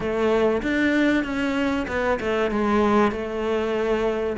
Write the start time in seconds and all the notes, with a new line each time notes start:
0.00 A3
0.62 D4
1.24 C#4
1.88 B3
2.20 A3
2.50 G#3
3.11 A3